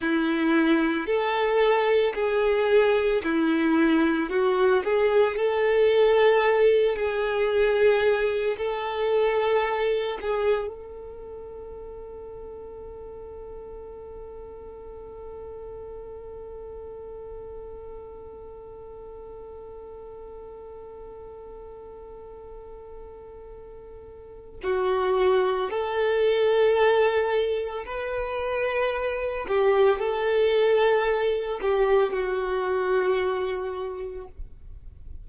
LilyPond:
\new Staff \with { instrumentName = "violin" } { \time 4/4 \tempo 4 = 56 e'4 a'4 gis'4 e'4 | fis'8 gis'8 a'4. gis'4. | a'4. gis'8 a'2~ | a'1~ |
a'1~ | a'2. fis'4 | a'2 b'4. g'8 | a'4. g'8 fis'2 | }